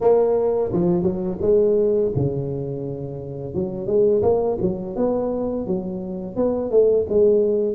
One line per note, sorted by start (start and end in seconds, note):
0.01 0.71 A#3
0.72 1.02 F3
1.02 1.38 F#3
1.41 2.11 G#3
2.15 3.54 C#3
3.54 3.86 F#3
3.86 4.22 G#3
4.22 4.57 A#3
4.61 4.96 F#3
4.96 5.66 B3
5.66 6.35 F#3
6.35 6.70 B3
6.70 7.06 A3
7.09 7.74 G#3